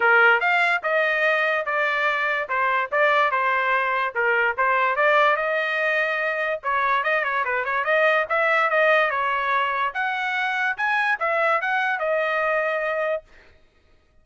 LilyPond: \new Staff \with { instrumentName = "trumpet" } { \time 4/4 \tempo 4 = 145 ais'4 f''4 dis''2 | d''2 c''4 d''4 | c''2 ais'4 c''4 | d''4 dis''2. |
cis''4 dis''8 cis''8 b'8 cis''8 dis''4 | e''4 dis''4 cis''2 | fis''2 gis''4 e''4 | fis''4 dis''2. | }